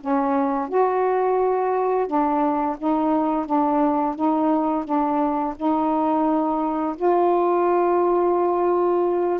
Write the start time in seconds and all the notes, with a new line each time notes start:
0.00 C#4
0.68 F#4
2.06 D4
2.78 D#4
3.46 D4
4.15 D#4
4.84 D4
5.56 D#4
6.96 F4